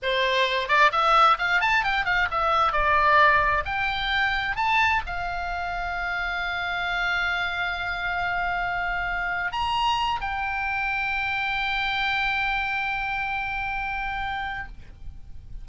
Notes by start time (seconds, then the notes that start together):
0.02 C5
0.68 D5
0.92 E5
1.38 F5
1.60 A5
1.83 G5
2.05 F5
2.30 E5
2.72 D5
3.65 G5
4.56 A5
5.06 F5
9.51 A#5
10.21 G5